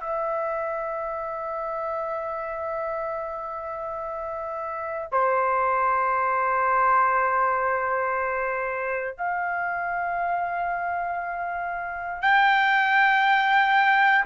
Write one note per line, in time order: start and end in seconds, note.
0.00 5.08 E5
5.11 9.17 C5
9.17 12.21 F5
12.21 14.25 G5